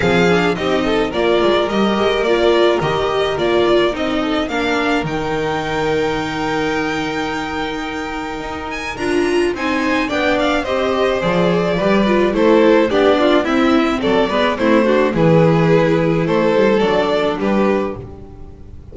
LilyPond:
<<
  \new Staff \with { instrumentName = "violin" } { \time 4/4 \tempo 4 = 107 f''4 dis''4 d''4 dis''4 | d''4 dis''4 d''4 dis''4 | f''4 g''2.~ | g''2.~ g''8 gis''8 |
ais''4 gis''4 g''8 f''8 dis''4 | d''2 c''4 d''4 | e''4 d''4 c''4 b'4~ | b'4 c''4 d''4 b'4 | }
  \new Staff \with { instrumentName = "violin" } { \time 4/4 gis'4 g'8 a'8 ais'2~ | ais'2.~ ais'8 a'8 | ais'1~ | ais'1~ |
ais'4 c''4 d''4 c''4~ | c''4 b'4 a'4 g'8 f'8 | e'4 a'8 b'8 e'8 fis'8 gis'4~ | gis'4 a'2 g'4 | }
  \new Staff \with { instrumentName = "viola" } { \time 4/4 c'8 d'8 dis'4 f'4 g'4 | f'4 g'4 f'4 dis'4 | d'4 dis'2.~ | dis'1 |
f'4 dis'4 d'4 g'4 | gis'4 g'8 f'8 e'4 d'4 | c'4. b8 c'8 d'8 e'4~ | e'2 d'2 | }
  \new Staff \with { instrumentName = "double bass" } { \time 4/4 f4 c'4 ais8 gis8 g8 gis8 | ais4 dis4 ais4 c'4 | ais4 dis2.~ | dis2. dis'4 |
d'4 c'4 b4 c'4 | f4 g4 a4 b4 | c'4 fis8 gis8 a4 e4~ | e4 a8 g8 fis4 g4 | }
>>